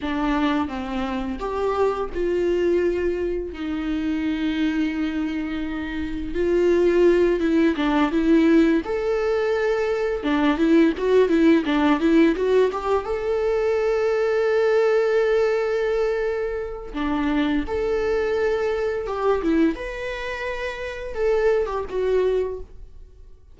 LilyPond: \new Staff \with { instrumentName = "viola" } { \time 4/4 \tempo 4 = 85 d'4 c'4 g'4 f'4~ | f'4 dis'2.~ | dis'4 f'4. e'8 d'8 e'8~ | e'8 a'2 d'8 e'8 fis'8 |
e'8 d'8 e'8 fis'8 g'8 a'4.~ | a'1 | d'4 a'2 g'8 e'8 | b'2 a'8. g'16 fis'4 | }